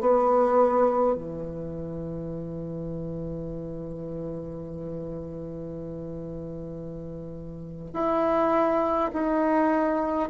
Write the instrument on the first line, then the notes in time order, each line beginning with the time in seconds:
bassoon
0.00 B3
1.15 E3
7.94 E4
9.13 D#4